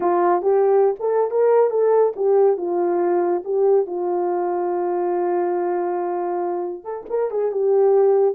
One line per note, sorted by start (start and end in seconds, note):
0.00 0.41 F4
0.41 0.95 G4
0.99 1.30 A4
1.30 1.70 A#4
1.70 2.13 A4
2.15 2.57 G4
2.57 3.42 F4
3.44 3.86 G4
3.86 6.84 F4
6.84 7.05 A4
7.09 7.30 A#4
7.30 7.51 G#4
7.51 8.35 G4